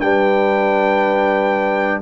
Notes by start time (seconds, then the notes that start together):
0.00 G3 D4 B4 G5